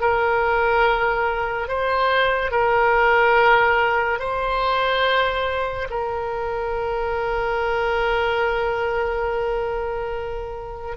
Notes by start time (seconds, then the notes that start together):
0.00 A#4
1.67 C5
2.51 A#4
4.19 C5
5.90 A#4